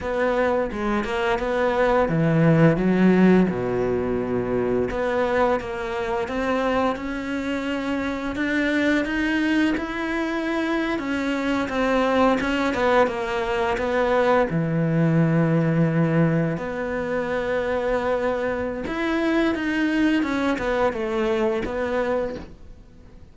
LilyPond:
\new Staff \with { instrumentName = "cello" } { \time 4/4 \tempo 4 = 86 b4 gis8 ais8 b4 e4 | fis4 b,2 b4 | ais4 c'4 cis'2 | d'4 dis'4 e'4.~ e'16 cis'16~ |
cis'8. c'4 cis'8 b8 ais4 b16~ | b8. e2. b16~ | b2. e'4 | dis'4 cis'8 b8 a4 b4 | }